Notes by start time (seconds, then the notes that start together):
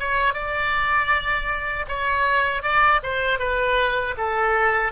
0.00 C#5
0.35 D5
1.89 C#5
2.63 D5
3.03 C5
3.40 B4
4.18 A4